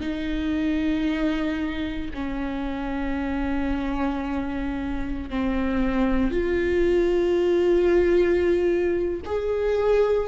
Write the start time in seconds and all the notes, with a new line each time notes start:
0.00 D#4
2.14 C#4
5.30 C4
6.31 F4
9.25 G#4